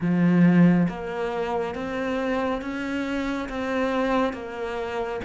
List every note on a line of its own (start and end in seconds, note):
0.00 0.87 F3
0.88 1.74 A#3
1.74 2.61 C4
2.61 3.48 C#4
3.49 4.33 C4
4.33 5.20 A#3